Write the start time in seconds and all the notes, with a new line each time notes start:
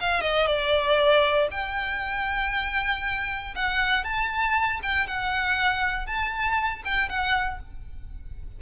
0.00 F5
0.21 D#5
0.46 D5
1.51 G5
3.55 F#5
4.04 A5
4.82 G5
5.06 F#5
6.06 A5
6.84 G5
7.09 F#5